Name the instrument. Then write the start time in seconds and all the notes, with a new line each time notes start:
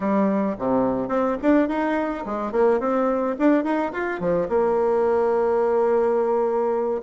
bassoon
0.00 G3
0.58 C3
1.08 C4
1.42 D4
1.68 D#4
2.25 G#3
2.52 A#3
2.80 C4
3.38 D4
3.63 D#4
3.92 F4
4.20 F3
4.49 A#3